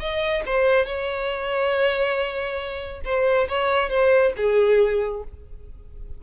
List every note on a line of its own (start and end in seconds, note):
0.00 0.43 D#5
0.46 0.86 C5
0.86 3.02 C#5
3.05 3.48 C5
3.48 3.90 C#5
3.90 4.33 C5
4.37 5.23 G#4